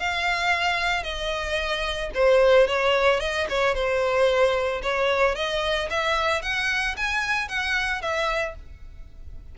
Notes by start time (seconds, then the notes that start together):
0.00 F5
1.03 D#5
2.15 C5
2.68 C#5
3.21 D#5
3.50 C#5
3.75 C5
4.83 C#5
5.35 D#5
5.90 E5
6.43 F#5
6.97 G#5
7.49 F#5
8.02 E5